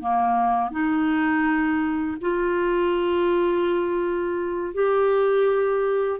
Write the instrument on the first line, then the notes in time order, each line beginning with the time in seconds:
clarinet
0.00 A#3
0.71 D#4
2.21 F4
4.74 G4